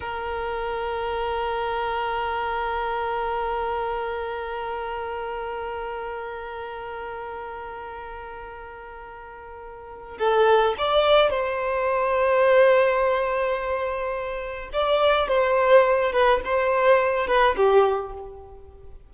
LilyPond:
\new Staff \with { instrumentName = "violin" } { \time 4/4 \tempo 4 = 106 ais'1~ | ais'1~ | ais'1~ | ais'1~ |
ais'2 a'4 d''4 | c''1~ | c''2 d''4 c''4~ | c''8 b'8 c''4. b'8 g'4 | }